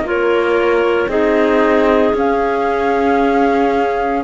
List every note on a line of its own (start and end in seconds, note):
0.00 1.05 A#3
0.00 1.09 F4
0.06 1.09 A#4
0.06 1.09 C#5
1.08 2.13 C4
1.08 2.14 D#4
1.08 4.23 G#4
1.08 2.15 D#5
2.13 4.23 C#4
2.13 4.23 F5